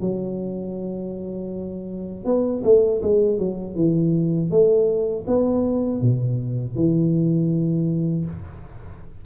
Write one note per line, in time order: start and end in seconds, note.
0.00 2.25 F#3
2.25 2.62 B3
2.64 3.01 A3
3.02 3.38 G#3
3.38 3.75 F#3
3.75 4.50 E3
4.50 5.25 A3
5.26 6.01 B3
6.01 6.75 B2
6.75 8.25 E3